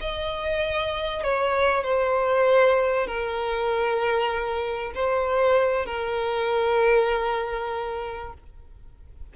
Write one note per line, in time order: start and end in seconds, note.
0.00 1.23 D#5
1.23 1.83 C#5
1.83 3.06 C5
3.06 4.92 A#4
4.94 5.85 C5
5.85 8.33 A#4